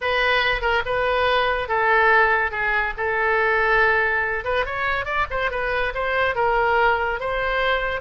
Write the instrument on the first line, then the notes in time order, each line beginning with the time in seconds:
oboe
0.01 B4
0.61 A#4
0.85 B4
1.68 A4
2.51 G#4
2.97 A4
4.44 B4
4.65 C#5
5.05 D5
5.30 C5
5.50 B4
5.94 C5
6.35 A#4
7.19 C5